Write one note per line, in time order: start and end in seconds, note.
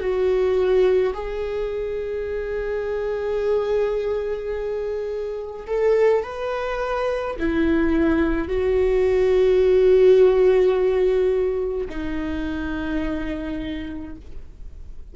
0.00 1.13 F#4
1.14 5.67 G#4
5.67 6.23 A4
6.23 7.36 B4
7.39 8.48 E4
8.48 11.88 F#4
11.89 14.16 D#4